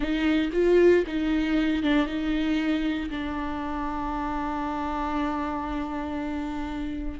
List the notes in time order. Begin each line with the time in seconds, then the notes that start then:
0.00 D#4
0.52 F4
1.07 D#4
1.82 D4
2.06 D#4
3.10 D4